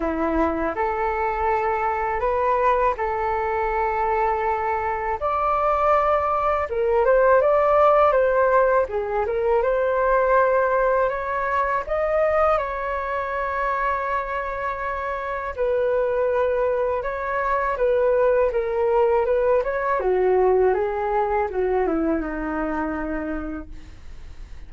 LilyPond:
\new Staff \with { instrumentName = "flute" } { \time 4/4 \tempo 4 = 81 e'4 a'2 b'4 | a'2. d''4~ | d''4 ais'8 c''8 d''4 c''4 | gis'8 ais'8 c''2 cis''4 |
dis''4 cis''2.~ | cis''4 b'2 cis''4 | b'4 ais'4 b'8 cis''8 fis'4 | gis'4 fis'8 e'8 dis'2 | }